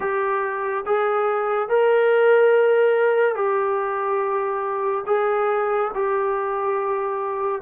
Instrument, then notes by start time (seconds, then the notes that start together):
trombone
0.00 G4
0.86 G#4
1.68 A#4
3.35 G4
5.06 G#4
5.94 G4